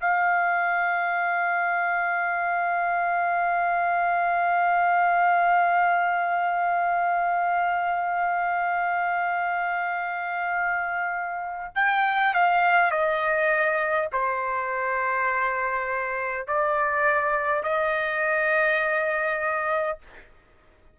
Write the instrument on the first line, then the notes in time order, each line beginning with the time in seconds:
trumpet
0.00 F5
11.75 G5
12.34 F5
12.91 D#5
14.12 C5
16.47 D5
17.63 D#5